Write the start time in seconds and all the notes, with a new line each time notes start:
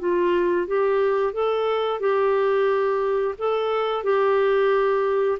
0.00 F4
0.67 G4
1.33 A4
2.00 G4
3.39 A4
4.04 G4